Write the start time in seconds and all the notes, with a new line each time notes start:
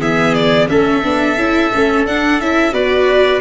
0.00 E3 B3 G#4 E5
0.35 D5
0.69 A3 C#4 A4 E5
1.04 B3 D4
1.37 C#4 E4
1.75 A3 C#4
2.06 D4 F#5
2.40 C#4 E4 E5
2.73 B3 F#4 B4 D5